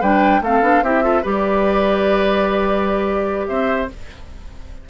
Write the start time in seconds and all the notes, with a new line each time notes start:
0.00 G3 D4 B4 G5
0.41 A3 C4 A4 F5
0.61 B3 D4
0.82 C4 E4 G4 E5
1.02 F4 A4
1.22 G3 G4 B4 D5
3.47 C4 C5 E5